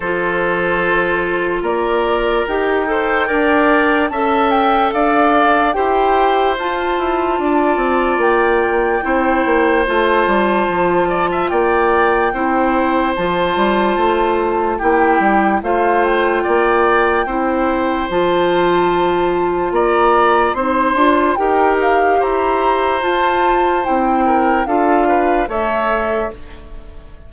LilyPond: <<
  \new Staff \with { instrumentName = "flute" } { \time 4/4 \tempo 4 = 73 c''2 d''4 g''4~ | g''4 a''8 g''8 f''4 g''4 | a''2 g''2 | a''2 g''2 |
a''2 g''4 f''8 g''8~ | g''2 a''2 | ais''4 c'''4 g''8 f''8 ais''4 | a''4 g''4 f''4 e''4 | }
  \new Staff \with { instrumentName = "oboe" } { \time 4/4 a'2 ais'4. c''8 | d''4 e''4 d''4 c''4~ | c''4 d''2 c''4~ | c''4. d''16 e''16 d''4 c''4~ |
c''2 g'4 c''4 | d''4 c''2. | d''4 c''4 ais'4 c''4~ | c''4. ais'8 a'8 b'8 cis''4 | }
  \new Staff \with { instrumentName = "clarinet" } { \time 4/4 f'2. g'8 a'8 | ais'4 a'2 g'4 | f'2. e'4 | f'2. e'4 |
f'2 e'4 f'4~ | f'4 e'4 f'2~ | f'4 dis'8 f'8 g'2 | f'4 e'4 f'4 a'4 | }
  \new Staff \with { instrumentName = "bassoon" } { \time 4/4 f2 ais4 dis'4 | d'4 cis'4 d'4 e'4 | f'8 e'8 d'8 c'8 ais4 c'8 ais8 | a8 g8 f4 ais4 c'4 |
f8 g8 a4 ais8 g8 a4 | ais4 c'4 f2 | ais4 c'8 d'8 dis'4 e'4 | f'4 c'4 d'4 a4 | }
>>